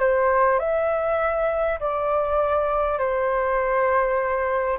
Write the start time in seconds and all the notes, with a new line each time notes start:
0.00 C5
0.59 E5
1.80 D5
2.99 C5